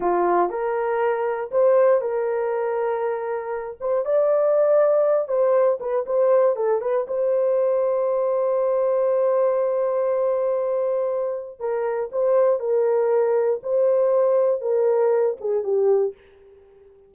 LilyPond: \new Staff \with { instrumentName = "horn" } { \time 4/4 \tempo 4 = 119 f'4 ais'2 c''4 | ais'2.~ ais'8 c''8 | d''2~ d''8 c''4 b'8 | c''4 a'8 b'8 c''2~ |
c''1~ | c''2. ais'4 | c''4 ais'2 c''4~ | c''4 ais'4. gis'8 g'4 | }